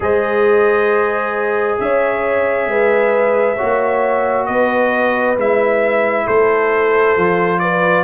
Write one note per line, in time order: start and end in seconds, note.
0.00 1.76 G#3
0.00 3.56 G#4
0.00 1.80 C5
0.00 1.79 D#5
1.79 2.66 C#4
1.79 2.70 C#5
1.79 4.46 E5
2.66 3.56 G#3
2.66 3.56 B4
3.56 4.48 A#3
3.56 5.37 F#4
3.56 4.45 C#5
4.46 5.37 B3
4.46 6.25 B4
4.46 5.35 D#5
5.37 6.26 G#3
5.37 7.17 E4
5.37 6.27 E5
6.25 7.16 A3
6.25 7.60 A4
6.25 7.59 C5
7.16 8.04 F3
7.16 8.04 F4
7.59 8.04 B4
7.59 8.04 D5